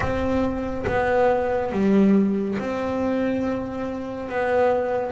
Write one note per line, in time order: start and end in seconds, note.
0.00 0.85 C4
0.86 1.71 B3
1.71 2.57 G3
2.59 4.29 C4
4.29 5.12 B3